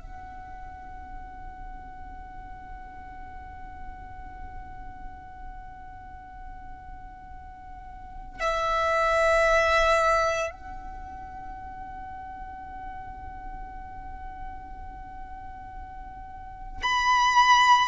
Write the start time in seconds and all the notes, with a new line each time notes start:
0.00 F#5
8.40 E5
10.51 F#5
16.83 B5